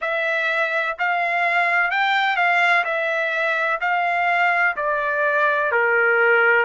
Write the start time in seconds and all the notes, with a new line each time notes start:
0.01 E5
0.98 F5
1.90 G5
2.36 F5
2.84 E5
3.81 F5
4.76 D5
5.71 A#4